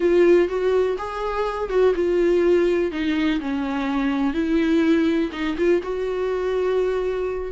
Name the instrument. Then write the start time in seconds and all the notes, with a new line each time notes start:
viola
0.00 F4
0.48 F#4
0.98 G#4
1.69 F#4
1.95 F4
2.91 D#4
3.40 C#4
4.33 E4
5.32 D#4
5.57 F4
5.83 F#4